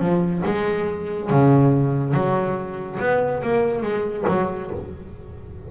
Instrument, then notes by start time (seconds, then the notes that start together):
double bass
0.00 F3
0.46 G#3
1.31 C#3
2.14 F#3
3.00 B3
3.43 A#3
3.83 G#3
4.29 F#3